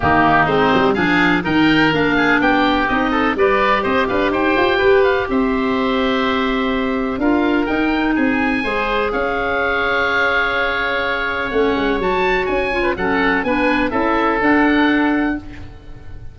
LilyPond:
<<
  \new Staff \with { instrumentName = "oboe" } { \time 4/4 \tempo 4 = 125 g'4 c''4 f''4 g''4 | f''4 g''4 dis''4 d''4 | dis''8 f''8 g''4. f''8 e''4~ | e''2. f''4 |
g''4 gis''2 f''4~ | f''1 | fis''4 a''4 gis''4 fis''4 | gis''4 e''4 fis''2 | }
  \new Staff \with { instrumentName = "oboe" } { \time 4/4 dis'2 gis'4 ais'4~ | ais'8 gis'8 g'4. a'8 b'4 | c''8 b'8 c''4 b'4 c''4~ | c''2. ais'4~ |
ais'4 gis'4 c''4 cis''4~ | cis''1~ | cis''2~ cis''8. b'16 a'4 | b'4 a'2. | }
  \new Staff \with { instrumentName = "clarinet" } { \time 4/4 ais4 c'4 d'4 dis'4 | d'2 dis'4 g'4~ | g'1~ | g'2. f'4 |
dis'2 gis'2~ | gis'1 | cis'4 fis'4. f'8 cis'4 | d'4 e'4 d'2 | }
  \new Staff \with { instrumentName = "tuba" } { \time 4/4 dis4 gis8 g8 f4 dis4 | ais4 b4 c'4 g4 | c'8 d'8 dis'8 f'8 g'4 c'4~ | c'2. d'4 |
dis'4 c'4 gis4 cis'4~ | cis'1 | a8 gis8 fis4 cis'4 fis4 | b4 cis'4 d'2 | }
>>